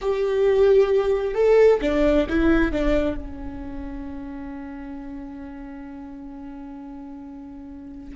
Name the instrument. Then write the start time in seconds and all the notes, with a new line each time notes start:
viola
0.01 G4
1.34 A4
1.81 D4
2.29 E4
2.72 D4
3.16 C#4